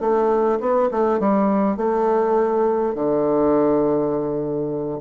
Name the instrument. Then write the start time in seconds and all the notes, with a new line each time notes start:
bassoon
0.00 A3
0.60 B3
0.91 A3
1.20 G3
1.77 A3
2.94 D3